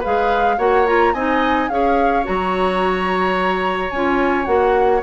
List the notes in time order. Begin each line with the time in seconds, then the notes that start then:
0.00 G#4 B4 F5
0.06 G#3
0.58 A#3 F#4 C#5 F#5
0.87 F4 A#5
1.14 C4 D#4 D#5 G#5
1.69 C#4 G#4 C#5 F5
2.23 F#3 F#4 A#5
3.91 C#4 F4 G#5
4.45 A#3 F#4 F#5